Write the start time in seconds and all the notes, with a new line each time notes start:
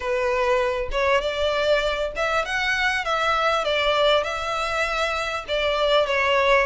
0.00 B4
0.91 C#5
1.21 D5
2.15 E5
2.45 F#5
3.05 E5
3.64 D5
4.23 E5
5.48 D5
6.06 C#5